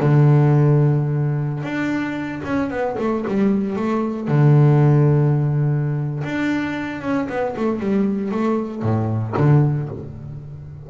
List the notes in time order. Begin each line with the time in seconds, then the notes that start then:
0.00 D3
1.63 D4
2.44 C#4
2.70 B3
2.99 A3
3.27 G3
3.76 A3
4.27 D3
6.23 D4
7.01 C#4
7.29 B3
7.56 A3
7.80 G3
8.31 A3
8.82 A2
9.37 D3